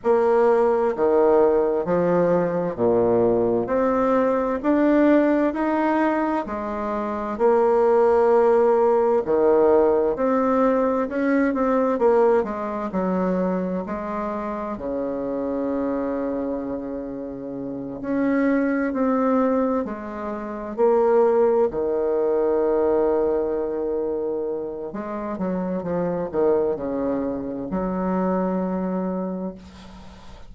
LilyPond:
\new Staff \with { instrumentName = "bassoon" } { \time 4/4 \tempo 4 = 65 ais4 dis4 f4 ais,4 | c'4 d'4 dis'4 gis4 | ais2 dis4 c'4 | cis'8 c'8 ais8 gis8 fis4 gis4 |
cis2.~ cis8 cis'8~ | cis'8 c'4 gis4 ais4 dis8~ | dis2. gis8 fis8 | f8 dis8 cis4 fis2 | }